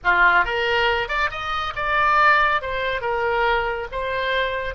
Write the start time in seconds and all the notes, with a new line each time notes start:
0.04 F4
0.44 A#4
1.08 D5
1.30 D#5
1.75 D5
2.61 C5
3.01 A#4
3.91 C5